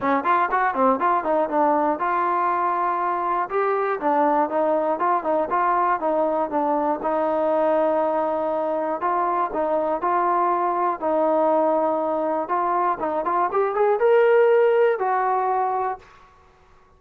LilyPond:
\new Staff \with { instrumentName = "trombone" } { \time 4/4 \tempo 4 = 120 cis'8 f'8 fis'8 c'8 f'8 dis'8 d'4 | f'2. g'4 | d'4 dis'4 f'8 dis'8 f'4 | dis'4 d'4 dis'2~ |
dis'2 f'4 dis'4 | f'2 dis'2~ | dis'4 f'4 dis'8 f'8 g'8 gis'8 | ais'2 fis'2 | }